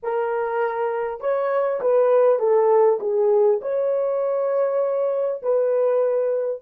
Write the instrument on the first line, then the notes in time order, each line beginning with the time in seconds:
horn
0.02 A#4
1.20 C#5
1.80 B4
2.39 A4
3.00 G#4
3.61 C#5
5.42 B4